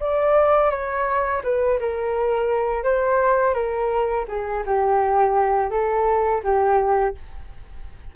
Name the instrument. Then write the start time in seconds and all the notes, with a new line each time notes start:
flute
0.00 D5
0.71 C#5
1.44 B4
1.80 A#4
2.84 C5
3.54 A#4
4.28 G#4
4.66 G4
5.71 A4
6.44 G4